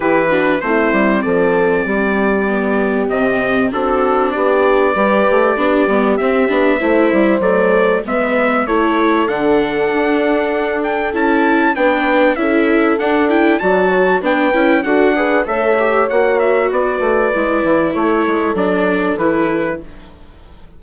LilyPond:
<<
  \new Staff \with { instrumentName = "trumpet" } { \time 4/4 \tempo 4 = 97 b'4 c''4 d''2~ | d''4 dis''4 a'4 d''4~ | d''2 e''2 | d''4 e''4 cis''4 fis''4~ |
fis''4. g''8 a''4 g''4 | e''4 fis''8 g''8 a''4 g''4 | fis''4 e''4 fis''8 e''8 d''4~ | d''4 cis''4 d''4 b'4 | }
  \new Staff \with { instrumentName = "horn" } { \time 4/4 g'8 fis'8 e'4 a'4 g'4~ | g'2 fis'4 g'4 | b'4 g'2 c''4~ | c''4 b'4 a'2~ |
a'2. b'4 | a'2 d''8 cis''8 b'4 | a'8 b'8 cis''2 b'4~ | b'4 a'2. | }
  \new Staff \with { instrumentName = "viola" } { \time 4/4 e'8 d'8 c'2. | b4 c'4 d'2 | g'4 d'8 b8 c'8 d'8 e'4 | a4 b4 e'4 d'4~ |
d'2 e'4 d'4 | e'4 d'8 e'8 fis'4 d'8 e'8 | fis'8 gis'8 a'8 g'8 fis'2 | e'2 d'4 e'4 | }
  \new Staff \with { instrumentName = "bassoon" } { \time 4/4 e4 a8 g8 f4 g4~ | g4 c4 c'4 b4 | g8 a8 b8 g8 c'8 b8 a8 g8 | fis4 gis4 a4 d4 |
d'2 cis'4 b4 | cis'4 d'4 fis4 b8 cis'8 | d'4 a4 ais4 b8 a8 | gis8 e8 a8 gis8 fis4 e4 | }
>>